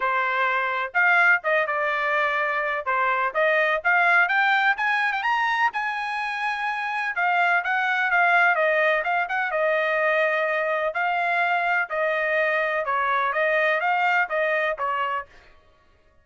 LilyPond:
\new Staff \with { instrumentName = "trumpet" } { \time 4/4 \tempo 4 = 126 c''2 f''4 dis''8 d''8~ | d''2 c''4 dis''4 | f''4 g''4 gis''8. g''16 ais''4 | gis''2. f''4 |
fis''4 f''4 dis''4 f''8 fis''8 | dis''2. f''4~ | f''4 dis''2 cis''4 | dis''4 f''4 dis''4 cis''4 | }